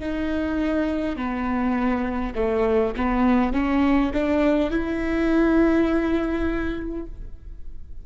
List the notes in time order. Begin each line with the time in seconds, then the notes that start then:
0.00 D#4
1.16 B3
2.35 A3
2.96 B3
3.53 C#4
4.13 D4
4.71 E4